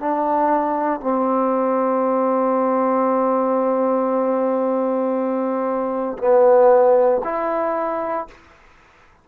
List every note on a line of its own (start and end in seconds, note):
0.00 1.01 D4
1.01 6.18 C4
6.19 7.22 B3
7.25 8.28 E4